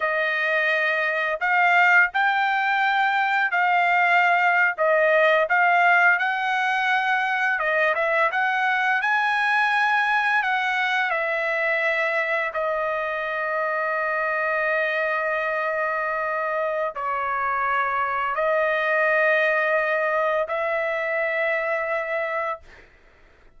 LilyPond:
\new Staff \with { instrumentName = "trumpet" } { \time 4/4 \tempo 4 = 85 dis''2 f''4 g''4~ | g''4 f''4.~ f''16 dis''4 f''16~ | f''8. fis''2 dis''8 e''8 fis''16~ | fis''8. gis''2 fis''4 e''16~ |
e''4.~ e''16 dis''2~ dis''16~ | dis''1 | cis''2 dis''2~ | dis''4 e''2. | }